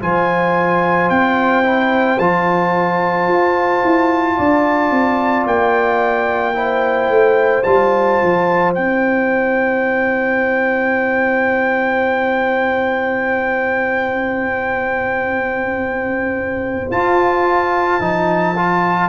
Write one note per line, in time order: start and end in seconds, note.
0.00 1.10 F3
0.00 1.63 F4
0.00 4.36 C5
0.00 1.09 G#5
1.09 2.19 C4
1.09 2.18 G5
1.63 2.18 E4
2.18 3.27 F3
2.18 6.54 F4
2.18 5.46 A5
3.27 3.82 F4
3.83 4.38 E4
4.36 4.91 D4
4.36 6.55 D5
4.91 5.45 C4
5.46 7.09 A#3
5.46 7.63 G5
6.54 7.63 E4
6.54 19.08 C5
7.09 7.64 A3
7.63 8.20 G3
7.63 8.75 F4
7.63 8.72 A5
8.22 8.76 F3
8.74 16.90 C4
8.74 16.92 E4
8.74 16.91 G5
16.90 17.99 F4
16.90 18.00 F4
16.90 19.08 A5
18.00 19.08 F3
18.00 18.55 D#4
18.56 19.08 F4